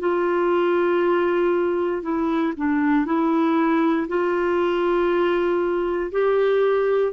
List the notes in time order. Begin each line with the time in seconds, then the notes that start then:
0.00 F4
2.02 E4
2.57 D4
3.06 E4
4.08 F4
6.12 G4